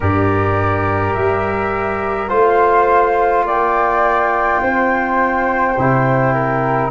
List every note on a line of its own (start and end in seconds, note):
0.00 1.15 G2
0.00 2.28 G4
0.00 2.29 A#4
0.00 1.14 D5
1.14 2.30 G3
1.14 2.29 E5
2.28 3.44 A3
2.28 5.74 F4
2.28 3.44 C5
2.28 3.45 F5
3.44 4.60 A#3
3.44 4.61 D5
3.44 6.90 G5
4.61 5.76 C4
4.61 6.33 C5
5.77 6.90 C3
5.77 6.90 E4
6.33 6.90 A#4